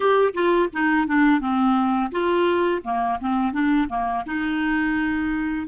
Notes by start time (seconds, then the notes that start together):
0.00 G4
0.33 F4
0.72 D#4
1.07 D4
1.40 C4
2.11 F4
2.84 A#3
3.20 C4
3.52 D4
3.89 A#3
4.26 D#4